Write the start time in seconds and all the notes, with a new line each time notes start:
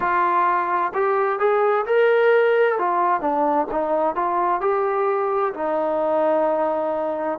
0.00 F4
0.94 G4
1.38 G#4
1.85 A#4
2.78 F4
3.21 D4
3.71 D#4
4.15 F4
4.61 G4
5.54 D#4